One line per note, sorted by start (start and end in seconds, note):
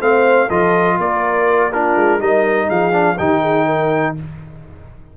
0.00 0.49 A3
0.00 0.49 C4
0.00 0.48 C5
0.00 0.49 F5
0.48 0.99 F3
0.48 1.72 F4
0.48 0.96 A4
0.48 0.98 D#5
0.97 1.96 A#3
0.97 1.70 A#4
0.97 1.72 D5
1.72 2.19 D4
1.72 2.21 F4
1.72 2.21 A#4
1.96 2.20 G#3
2.19 2.69 G3
2.19 2.92 D#4
2.19 2.67 A#4
2.19 2.70 D#5
2.67 3.19 F3
2.67 3.15 G#4
2.67 3.18 F5
2.92 3.16 D4
3.17 4.17 D#3
3.17 4.16 D#4
3.17 3.41 G4
3.17 4.15 G5
3.41 3.65 G#4
3.65 4.14 A#4